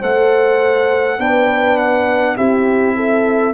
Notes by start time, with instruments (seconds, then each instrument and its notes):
0.00 tuba A3, trombone A4, horn C5, trumpet F#5
1.18 tuba B3, trombone D4, horn B4, trumpet G5
1.77 trumpet F#5
2.36 tuba C4, trombone E4, horn G4, trumpet E5
2.95 horn A4